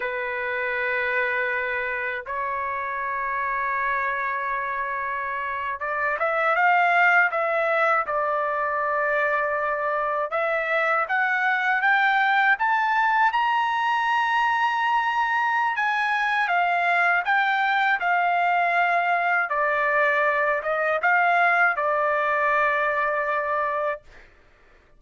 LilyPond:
\new Staff \with { instrumentName = "trumpet" } { \time 4/4 \tempo 4 = 80 b'2. cis''4~ | cis''2.~ cis''8. d''16~ | d''16 e''8 f''4 e''4 d''4~ d''16~ | d''4.~ d''16 e''4 fis''4 g''16~ |
g''8. a''4 ais''2~ ais''16~ | ais''4 gis''4 f''4 g''4 | f''2 d''4. dis''8 | f''4 d''2. | }